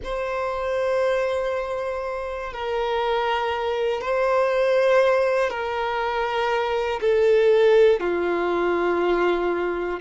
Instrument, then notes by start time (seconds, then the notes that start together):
violin
0.03 C5
2.53 A#4
4.01 C5
5.50 A#4
7.00 A4
8.00 F4